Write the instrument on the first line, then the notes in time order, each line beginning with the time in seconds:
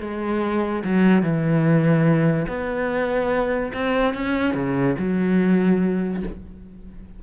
cello
0.00 G#3
0.84 F#3
1.22 E3
2.48 B3
3.73 C4
4.14 C#4
4.54 C#3
4.98 F#3